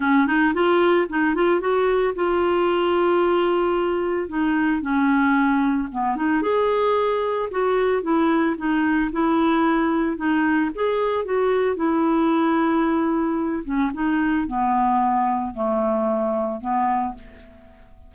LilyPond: \new Staff \with { instrumentName = "clarinet" } { \time 4/4 \tempo 4 = 112 cis'8 dis'8 f'4 dis'8 f'8 fis'4 | f'1 | dis'4 cis'2 b8 dis'8 | gis'2 fis'4 e'4 |
dis'4 e'2 dis'4 | gis'4 fis'4 e'2~ | e'4. cis'8 dis'4 b4~ | b4 a2 b4 | }